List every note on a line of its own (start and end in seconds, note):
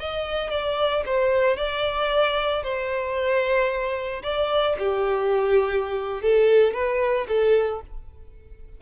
0.00 0.51 D#5
0.51 1.04 D5
1.06 1.57 C5
1.57 2.64 D5
2.64 4.23 C5
4.23 4.76 D5
4.79 6.22 G4
6.22 6.74 A4
6.74 7.27 B4
7.29 7.82 A4